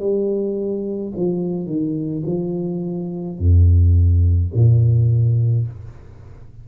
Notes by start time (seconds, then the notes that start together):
0.00 G3
1.17 F3
1.67 D#3
2.27 F3
3.39 F2
4.55 A#2